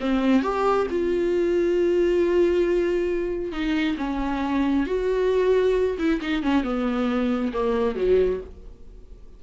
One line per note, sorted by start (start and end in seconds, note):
0.00 0.42 C4
0.42 0.86 G4
0.90 3.52 F4
3.52 3.96 D#4
3.97 4.86 C#4
4.86 5.97 F#4
5.98 6.20 E4
6.21 6.43 D#4
6.43 6.63 C#4
6.63 7.52 B3
7.53 7.95 A#3
7.95 8.40 F#3